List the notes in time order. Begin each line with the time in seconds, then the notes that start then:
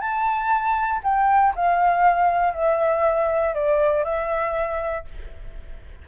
0.00 A5
1.03 G5
1.55 F5
2.53 E5
3.54 D5
4.04 E5